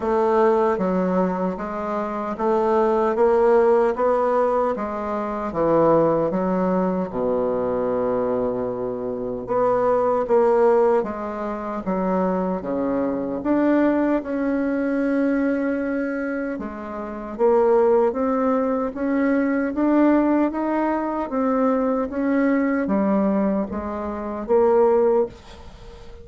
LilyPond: \new Staff \with { instrumentName = "bassoon" } { \time 4/4 \tempo 4 = 76 a4 fis4 gis4 a4 | ais4 b4 gis4 e4 | fis4 b,2. | b4 ais4 gis4 fis4 |
cis4 d'4 cis'2~ | cis'4 gis4 ais4 c'4 | cis'4 d'4 dis'4 c'4 | cis'4 g4 gis4 ais4 | }